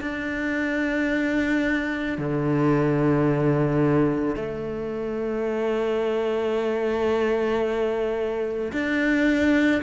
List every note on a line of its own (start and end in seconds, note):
0.00 2.18 D4
2.18 4.35 D3
4.35 8.71 A3
8.72 9.81 D4